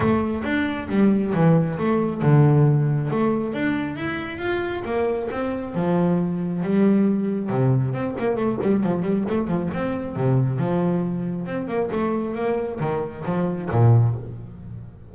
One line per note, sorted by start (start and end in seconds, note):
0.00 0.42 A3
0.43 0.87 D4
0.88 1.33 G3
1.34 1.78 E3
1.78 2.22 A3
2.22 3.10 D3
3.10 3.53 A3
3.53 3.95 D4
3.95 4.38 E4
4.38 4.82 F4
4.85 5.29 A#3
5.30 5.74 C4
5.74 6.62 F3
6.62 7.49 G3
7.49 7.93 C3
7.93 8.15 C4
8.18 8.36 A#3
8.36 8.58 A3
8.61 8.83 G3
8.83 9.02 F3
9.02 9.24 G3
9.28 9.47 A3
9.47 9.69 F3
9.73 10.16 C4
10.16 10.58 C3
10.58 11.46 F3
11.46 11.67 C4
11.67 11.89 A#3
11.91 12.34 A3
12.34 12.79 A#3
12.80 13.24 D#3
13.25 13.69 F3
13.71 14.15 A#2